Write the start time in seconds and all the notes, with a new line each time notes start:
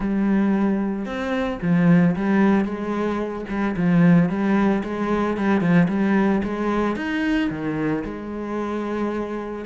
0.00 G3
1.05 C4
1.62 F3
2.16 G3
2.64 G#3
3.48 G3
3.76 F3
4.29 G3
4.83 G#3
5.37 G3
5.61 F3
5.88 G3
6.43 G#3
6.96 D#4
7.50 D#3
8.04 G#3